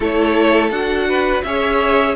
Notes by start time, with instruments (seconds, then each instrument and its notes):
0.00 cello A3, viola E4, violin A4 C#5
0.70 cello D4, viola F#4, violin F#5
1.08 violin B4
1.43 cello C#4, viola G#4, violin C#5 E5